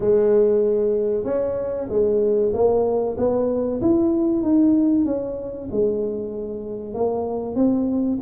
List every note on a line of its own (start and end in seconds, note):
0.00 1.24 G#3
1.24 1.87 C#4
1.89 2.52 G#3
2.53 3.16 A#3
3.18 3.81 B3
3.81 4.42 E4
4.42 5.05 D#4
5.05 5.68 C#4
5.71 6.94 G#3
6.94 7.55 A#3
7.55 8.18 C4